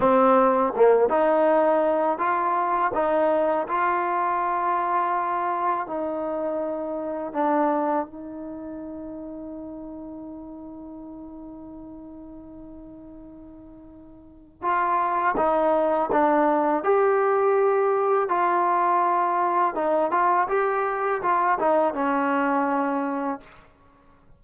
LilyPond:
\new Staff \with { instrumentName = "trombone" } { \time 4/4 \tempo 4 = 82 c'4 ais8 dis'4. f'4 | dis'4 f'2. | dis'2 d'4 dis'4~ | dis'1~ |
dis'1 | f'4 dis'4 d'4 g'4~ | g'4 f'2 dis'8 f'8 | g'4 f'8 dis'8 cis'2 | }